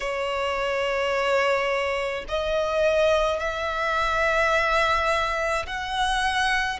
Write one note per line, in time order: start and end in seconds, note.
0.00 2.24 C#5
2.28 3.39 D#5
3.39 5.66 E5
5.66 6.79 F#5